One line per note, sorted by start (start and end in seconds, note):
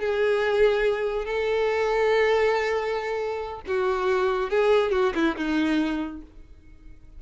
0.00 1.25 G#4
1.25 3.61 A4
3.67 4.50 F#4
4.50 4.91 G#4
4.91 5.13 F#4
5.14 5.36 E4
5.36 6.22 D#4